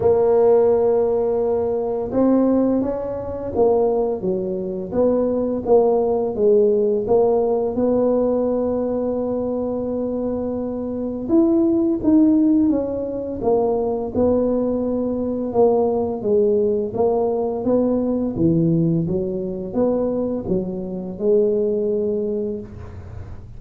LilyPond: \new Staff \with { instrumentName = "tuba" } { \time 4/4 \tempo 4 = 85 ais2. c'4 | cis'4 ais4 fis4 b4 | ais4 gis4 ais4 b4~ | b1 |
e'4 dis'4 cis'4 ais4 | b2 ais4 gis4 | ais4 b4 e4 fis4 | b4 fis4 gis2 | }